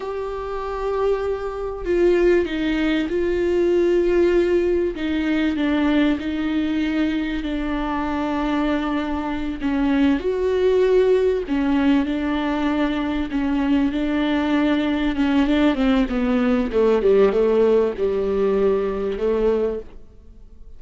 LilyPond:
\new Staff \with { instrumentName = "viola" } { \time 4/4 \tempo 4 = 97 g'2. f'4 | dis'4 f'2. | dis'4 d'4 dis'2 | d'2.~ d'8 cis'8~ |
cis'8 fis'2 cis'4 d'8~ | d'4. cis'4 d'4.~ | d'8 cis'8 d'8 c'8 b4 a8 g8 | a4 g2 a4 | }